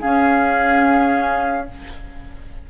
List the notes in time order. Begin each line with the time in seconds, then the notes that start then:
0.00 C#4 G#4 F5